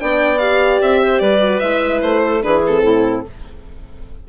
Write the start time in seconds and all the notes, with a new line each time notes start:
0.00 B3 D4 D5 G5
0.39 G4 F5
0.82 C4 E5
1.02 C5
1.19 G3 B4 D5
1.41 F#4
1.60 G#3 E4 E5
2.02 A3 C5
2.24 A4
2.43 E3 D4 G#4 B4
2.67 C4 A4
2.83 A2 E4